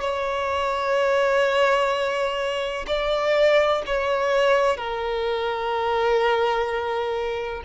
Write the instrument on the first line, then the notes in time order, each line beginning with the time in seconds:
violin
0.00 C#5
2.87 D5
3.86 C#5
4.77 A#4